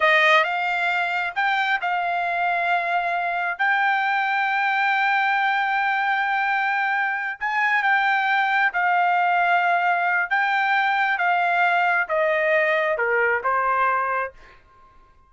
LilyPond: \new Staff \with { instrumentName = "trumpet" } { \time 4/4 \tempo 4 = 134 dis''4 f''2 g''4 | f''1 | g''1~ | g''1~ |
g''8 gis''4 g''2 f''8~ | f''2. g''4~ | g''4 f''2 dis''4~ | dis''4 ais'4 c''2 | }